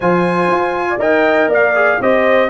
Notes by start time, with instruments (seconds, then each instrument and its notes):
0.00 tuba F3, trombone F4, horn C5, trumpet G#5
0.50 tuba F4
0.90 horn D5
0.98 tuba D#4, trombone A#4, horn D#5, trumpet G5
1.48 tuba A#3, horn D5, trumpet F5
1.75 trombone G#4
2.00 tuba C4, trombone G4, horn C5, trumpet D#5